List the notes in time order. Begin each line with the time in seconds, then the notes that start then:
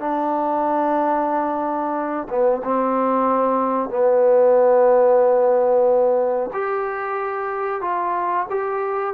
0.00 D4
2.29 B3
2.64 C4
3.90 B3
6.54 G4
7.82 F4
8.50 G4